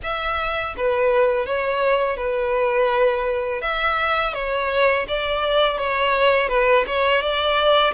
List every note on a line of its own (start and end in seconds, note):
0.03 0.75 E5
0.77 1.46 B4
1.46 2.17 C#5
2.17 3.61 B4
3.61 4.33 E5
4.33 5.05 C#5
5.08 5.78 D5
5.78 6.48 C#5
6.48 6.84 B4
6.86 7.21 C#5
7.21 7.93 D5